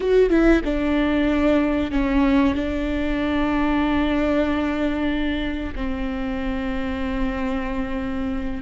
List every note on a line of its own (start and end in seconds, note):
0.00 0.29 F#4
0.29 0.61 E4
0.64 1.91 D4
1.91 2.54 C#4
2.54 5.74 D4
5.75 8.62 C4